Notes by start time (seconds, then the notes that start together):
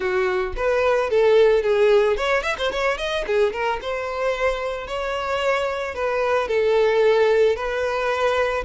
0.00 F#4
0.56 B4
1.10 A4
1.62 G#4
2.16 C#5
2.42 E5
2.57 C5
2.71 C#5
2.97 D#5
3.27 G#4
3.52 A#4
3.81 C5
4.87 C#5
5.95 B4
6.48 A4
7.55 B4